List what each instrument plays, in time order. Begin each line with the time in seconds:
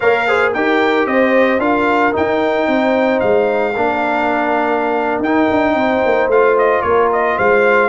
0.00 tuba A#3, trombone A#4, horn C#5, trumpet F5
0.27 trombone G#4, horn C5
0.53 tuba D#4, trombone G4, horn A#4, trumpet G5
1.06 tuba C4, horn C5, trumpet D#5
1.58 tuba D4, trombone F4, horn A#4, trumpet F5
2.12 trombone D#4, tuba D#4, trumpet G5
2.67 tuba C4, horn C5
3.20 tuba G#3, trumpet F5
3.75 tuba A#3, trombone D4, horn A#4
5.19 tuba D#4, trombone D#4, trumpet G5
5.51 tuba D4
5.74 tuba C4, horn C5
6.05 tuba A#3
6.27 tuba A3, trombone F4, trumpet F5
6.58 trumpet D#5
6.82 tuba A#3, horn A#4, trumpet C#5
7.12 trumpet D#5
7.35 tuba G#3, horn C5, trumpet F5